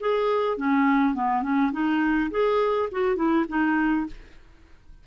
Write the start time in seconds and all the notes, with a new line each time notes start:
0.00 G#4
0.57 C#4
1.15 B3
1.43 C#4
1.72 D#4
2.31 G#4
2.92 F#4
3.16 E4
3.48 D#4